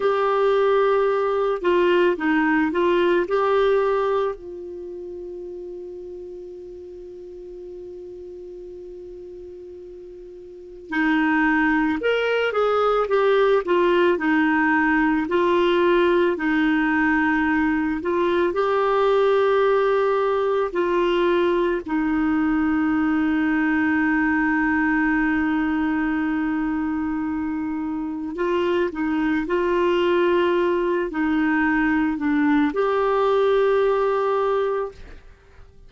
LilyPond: \new Staff \with { instrumentName = "clarinet" } { \time 4/4 \tempo 4 = 55 g'4. f'8 dis'8 f'8 g'4 | f'1~ | f'2 dis'4 ais'8 gis'8 | g'8 f'8 dis'4 f'4 dis'4~ |
dis'8 f'8 g'2 f'4 | dis'1~ | dis'2 f'8 dis'8 f'4~ | f'8 dis'4 d'8 g'2 | }